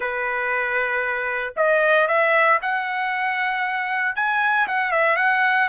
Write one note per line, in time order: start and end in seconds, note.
0.00 1.54 B4
1.56 2.07 D#5
2.07 2.59 E5
2.61 4.15 F#5
4.15 4.67 G#5
4.67 4.91 F#5
4.91 5.16 E5
5.16 5.68 F#5